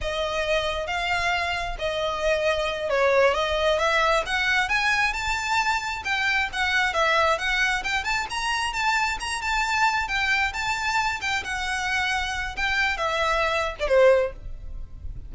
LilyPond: \new Staff \with { instrumentName = "violin" } { \time 4/4 \tempo 4 = 134 dis''2 f''2 | dis''2~ dis''8 cis''4 dis''8~ | dis''8 e''4 fis''4 gis''4 a''8~ | a''4. g''4 fis''4 e''8~ |
e''8 fis''4 g''8 a''8 ais''4 a''8~ | a''8 ais''8 a''4. g''4 a''8~ | a''4 g''8 fis''2~ fis''8 | g''4 e''4.~ e''16 d''16 c''4 | }